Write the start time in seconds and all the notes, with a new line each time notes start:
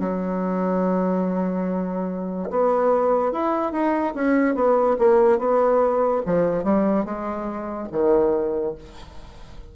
0.00 F#3
2.50 B3
3.32 E4
3.72 D#4
4.15 C#4
4.55 B3
4.99 A#3
5.39 B3
6.26 F3
6.64 G3
7.05 G#3
7.92 D#3